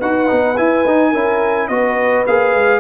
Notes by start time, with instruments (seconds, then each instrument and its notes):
0.00 tuba D#4, trombone F#4, horn B4, trumpet F#5
0.27 tuba B3, trombone D#4
0.57 trombone E4, tuba E4, trumpet G#5
0.86 tuba D#4, trombone D#4
1.12 tuba C#4, trombone E4, horn A#4
1.68 tuba B3, trombone F#4, horn B4, trumpet D#5
2.27 tuba A#3, trombone G#4, trumpet F5
2.55 tuba G#3